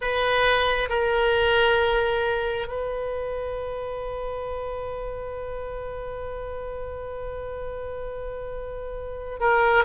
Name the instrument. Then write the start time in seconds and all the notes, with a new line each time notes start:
oboe
0.01 B4
0.89 A#4
2.67 B4
9.40 A#4